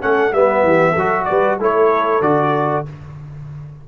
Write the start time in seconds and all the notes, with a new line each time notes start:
0.00 A3 C#4 A4 F#5
0.32 G3 B3 B4 E5
0.63 E3 G4
0.91 F#3 A4
0.98 F#4
1.25 G3 B4 D5
1.58 A3 E4 A4 C#5
2.20 D3 F#4 D5